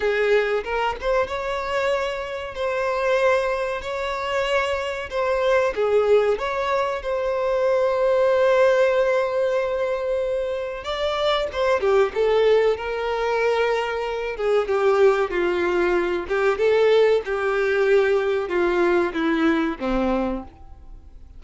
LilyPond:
\new Staff \with { instrumentName = "violin" } { \time 4/4 \tempo 4 = 94 gis'4 ais'8 c''8 cis''2 | c''2 cis''2 | c''4 gis'4 cis''4 c''4~ | c''1~ |
c''4 d''4 c''8 g'8 a'4 | ais'2~ ais'8 gis'8 g'4 | f'4. g'8 a'4 g'4~ | g'4 f'4 e'4 c'4 | }